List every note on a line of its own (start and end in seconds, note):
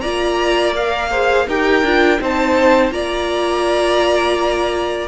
0.00 1.47 A#3
0.00 0.75 F4
0.00 1.09 D5
0.00 0.72 A#5
0.75 1.11 A#4
0.75 1.48 F5
1.10 1.47 G#4
1.10 1.46 C5
1.47 1.82 D#4
1.47 1.84 G4
1.47 2.20 A#4
1.47 2.21 G5
1.82 2.18 D4
1.82 2.19 F4
2.19 2.91 C4
2.19 2.91 D#4
2.19 2.93 C5
2.19 2.92 A5
2.91 5.07 A#3
2.91 5.07 F4
2.91 5.07 D5
2.91 5.07 A#5